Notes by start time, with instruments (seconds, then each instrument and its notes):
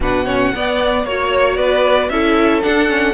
0.00 cello B2, viola D4, violin B4 F#5
0.25 viola C#4, violin C#5
0.54 viola B3, cello B3, violin D5
1.04 cello A#3, viola F#4, violin C#5
1.56 cello B3, violin B4 D5
2.09 cello C#4, viola E4, violin A4 E5
2.61 viola D4, cello D4, violin F#5
2.89 viola C#4